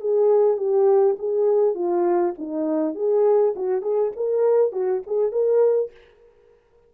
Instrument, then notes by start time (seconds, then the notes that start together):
horn
0.00 G#4
0.57 G4
1.19 G#4
1.75 F4
2.38 D#4
2.95 G#4
3.56 F#4
3.82 G#4
4.16 A#4
4.72 F#4
5.07 G#4
5.32 A#4